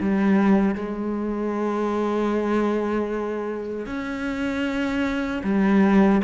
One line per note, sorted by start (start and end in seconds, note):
0.00 0.75 G3
0.75 3.86 G#3
3.86 5.42 C#4
5.43 6.21 G3